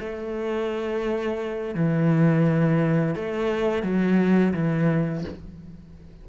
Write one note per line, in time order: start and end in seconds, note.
0.00 1.75 A3
1.75 3.15 E3
3.15 3.83 A3
3.83 4.53 F#3
4.54 5.25 E3